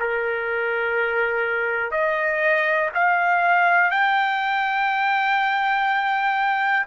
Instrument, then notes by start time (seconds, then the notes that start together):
trumpet
0.00 A#4
1.92 D#5
2.95 F5
3.91 G5